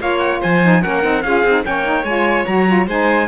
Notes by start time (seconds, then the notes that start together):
0.00 A#3 F4 C#5 F5
0.20 F#5
0.41 F3 C5 G#5
0.63 D#4
0.82 A#3 C#4 A#4 F#5
1.03 C4 D#4
1.23 C#4 F4 G#4 F5
1.44 C4 D#4
1.63 A#3 C#4 C#5 G5
1.85 D#4
2.04 G#3 F4 G#5
2.47 F#3 F#4 A#5
2.67 F4
2.87 G#3 D#4 C5 G#5